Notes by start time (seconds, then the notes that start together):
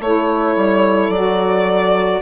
0.00 A3 E4 A4 C#5
0.56 G3
1.09 F#3 F#4 D5